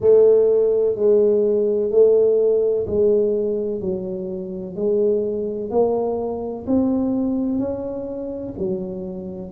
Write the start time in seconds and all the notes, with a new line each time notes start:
0.00 A3
0.95 G#3
1.90 A3
2.87 G#3
3.81 F#3
4.75 G#3
5.70 A#3
6.67 C4
7.58 C#4
8.58 F#3